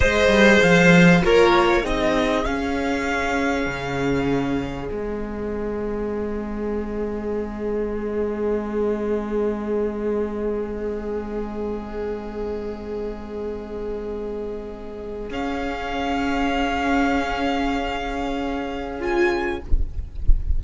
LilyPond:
<<
  \new Staff \with { instrumentName = "violin" } { \time 4/4 \tempo 4 = 98 dis''4 f''4 cis''4 dis''4 | f''1 | dis''1~ | dis''1~ |
dis''1~ | dis''1~ | dis''4 f''2.~ | f''2. gis''4 | }
  \new Staff \with { instrumentName = "violin" } { \time 4/4 c''2 ais'4 gis'4~ | gis'1~ | gis'1~ | gis'1~ |
gis'1~ | gis'1~ | gis'1~ | gis'1 | }
  \new Staff \with { instrumentName = "viola" } { \time 4/4 gis'2 f'4 dis'4 | cis'1 | c'1~ | c'1~ |
c'1~ | c'1~ | c'4 cis'2.~ | cis'2. f'4 | }
  \new Staff \with { instrumentName = "cello" } { \time 4/4 gis8 g8 f4 ais4 c'4 | cis'2 cis2 | gis1~ | gis1~ |
gis1~ | gis1~ | gis4 cis'2.~ | cis'1 | }
>>